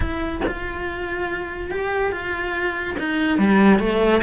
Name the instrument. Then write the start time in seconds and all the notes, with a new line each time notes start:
cello
0.00 E4
0.47 F4
1.71 G4
2.11 F4
2.98 D#4
3.38 G3
3.79 A3